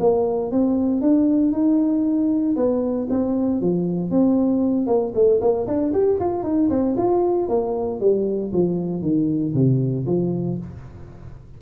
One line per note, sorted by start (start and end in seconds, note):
0.00 0.51 A#3
0.51 1.02 C4
1.02 1.52 D4
1.52 2.56 D#4
2.56 3.08 B3
3.10 3.61 C4
3.61 4.11 F3
4.11 4.87 C4
4.87 5.13 A#3
5.15 5.41 A3
5.41 5.67 A#3
5.67 5.93 D4
5.94 6.20 G4
6.20 6.43 F4
6.43 6.69 D#4
6.70 6.96 C4
6.97 7.49 F4
7.49 8.00 A#3
8.00 8.52 G3
8.53 9.02 F3
9.02 9.54 D#3
9.54 10.06 C3
10.06 10.58 F3